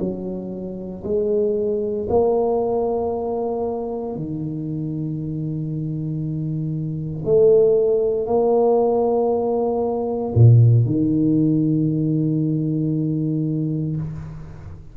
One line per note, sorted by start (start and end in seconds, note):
0.00 1.03 F#3
1.04 2.07 G#3
2.10 4.16 A#3
4.16 7.25 D#3
7.25 8.27 A3
8.27 10.34 A#3
10.35 10.86 A#2
10.86 13.97 D#3